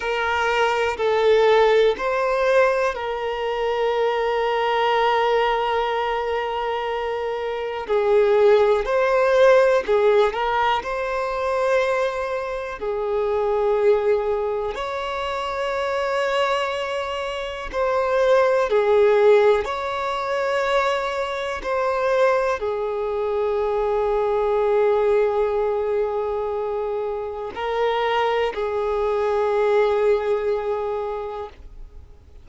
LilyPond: \new Staff \with { instrumentName = "violin" } { \time 4/4 \tempo 4 = 61 ais'4 a'4 c''4 ais'4~ | ais'1 | gis'4 c''4 gis'8 ais'8 c''4~ | c''4 gis'2 cis''4~ |
cis''2 c''4 gis'4 | cis''2 c''4 gis'4~ | gis'1 | ais'4 gis'2. | }